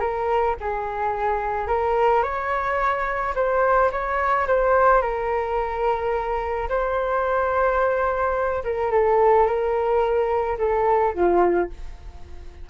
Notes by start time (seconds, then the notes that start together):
0.00 A#4
0.61 G#4
1.68 A#4
2.23 C#5
3.35 C5
3.91 C#5
4.47 C5
5.02 A#4
6.69 C5
8.64 A#4
8.91 A4
9.46 A#4
10.58 A4
11.14 F4